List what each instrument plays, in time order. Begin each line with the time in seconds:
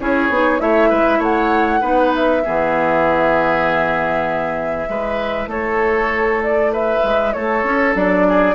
0.00 bassoon C#4, clarinet E4, oboe G#4, flute C#5
0.29 bassoon B3, clarinet D#4
0.60 bassoon A3, clarinet E4, oboe C#5, flute E5
0.90 bassoon G#3, oboe B4
1.19 bassoon A3, oboe C#5, flute F#5
1.81 bassoon B3, clarinet D#4, oboe B4
2.15 flute E5
2.45 bassoon E3, clarinet B3, oboe G#4
4.88 bassoon G#3, clarinet E4, oboe B4
5.47 bassoon A3, oboe A4, flute C#5
6.43 flute D5
6.73 oboe B4, flute E5
7.04 bassoon G#3
7.33 bassoon A3, oboe A4, flute C#5
7.64 bassoon C#4
7.94 bassoon F#3, clarinet D4, flute D5
8.28 oboe G#4